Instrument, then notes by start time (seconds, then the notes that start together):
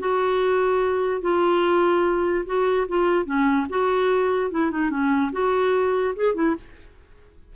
clarinet
0.00 F#4
1.22 F4
2.46 F#4
2.89 F4
3.26 C#4
3.70 F#4
4.52 E4
4.72 D#4
4.91 C#4
5.33 F#4
6.16 G#4
6.35 E4